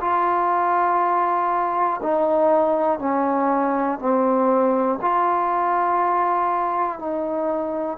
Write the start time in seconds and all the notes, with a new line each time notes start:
0.00 F4
2.02 D#4
2.99 C#4
3.99 C4
5.01 F4
6.99 D#4